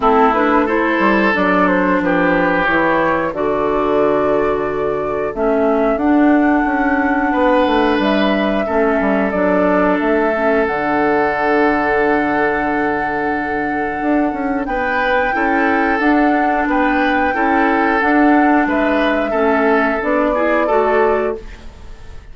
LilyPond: <<
  \new Staff \with { instrumentName = "flute" } { \time 4/4 \tempo 4 = 90 a'8 b'8 c''4 d''8 c''8 b'4 | cis''4 d''2. | e''4 fis''2. | e''2 d''4 e''4 |
fis''1~ | fis''2 g''2 | fis''4 g''2 fis''4 | e''2 d''2 | }
  \new Staff \with { instrumentName = "oboe" } { \time 4/4 e'4 a'2 g'4~ | g'4 a'2.~ | a'2. b'4~ | b'4 a'2.~ |
a'1~ | a'2 b'4 a'4~ | a'4 b'4 a'2 | b'4 a'4. gis'8 a'4 | }
  \new Staff \with { instrumentName = "clarinet" } { \time 4/4 c'8 d'8 e'4 d'2 | e'4 fis'2. | cis'4 d'2.~ | d'4 cis'4 d'4. cis'8 |
d'1~ | d'2. e'4 | d'2 e'4 d'4~ | d'4 cis'4 d'8 e'8 fis'4 | }
  \new Staff \with { instrumentName = "bassoon" } { \time 4/4 a4. g8 fis4 f4 | e4 d2. | a4 d'4 cis'4 b8 a8 | g4 a8 g8 fis4 a4 |
d1~ | d4 d'8 cis'8 b4 cis'4 | d'4 b4 cis'4 d'4 | gis4 a4 b4 a4 | }
>>